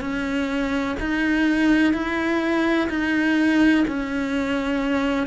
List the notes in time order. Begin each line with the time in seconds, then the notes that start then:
0.00 C#4
1.00 D#4
1.93 E4
2.89 D#4
3.87 C#4